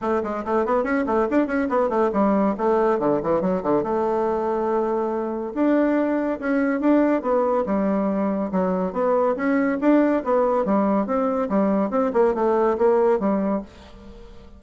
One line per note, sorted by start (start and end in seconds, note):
0.01 0.22 A3
0.23 0.44 G#3
0.44 0.65 A3
0.65 0.83 B3
0.83 1.04 C#4
1.06 1.27 A3
1.30 1.46 D4
1.46 1.68 C#4
1.69 1.89 B3
1.89 2.10 A3
2.12 2.55 G3
2.57 2.99 A3
2.99 3.20 D3
3.22 3.41 E3
3.41 3.62 F#3
3.63 3.83 D3
3.83 5.53 A3
5.54 6.39 D4
6.39 6.80 C#4
6.80 7.22 D4
7.22 7.64 B3
7.66 8.51 G3
8.51 8.92 F#3
8.92 9.35 B3
9.36 9.78 C#4
9.80 10.23 D4
10.23 10.65 B3
10.65 11.06 G3
11.06 11.48 C4
11.49 11.90 G3
11.90 12.11 C4
12.13 12.34 A#3
12.34 12.77 A3
12.78 13.19 A#3
13.19 13.62 G3